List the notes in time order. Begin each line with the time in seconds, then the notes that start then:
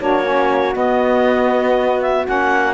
0.00 A#3 D4 F#4 C#5
0.24 C#4
0.74 B3 D#5
2.02 E5
2.25 A#3 C#4 F#5